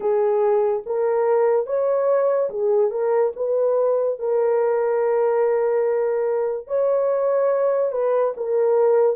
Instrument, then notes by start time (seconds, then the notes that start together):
horn
0.00 G#4
0.86 A#4
1.66 C#5
2.50 G#4
2.90 A#4
3.35 B4
4.19 A#4
6.67 C#5
7.92 B4
8.36 A#4